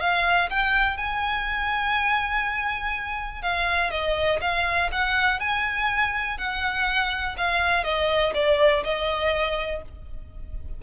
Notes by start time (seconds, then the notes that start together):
0.00 F5
0.50 G5
0.97 G#5
3.42 F5
3.91 D#5
4.41 F5
4.92 F#5
5.40 G#5
6.38 F#5
7.37 F5
7.84 D#5
8.34 D5
8.84 D#5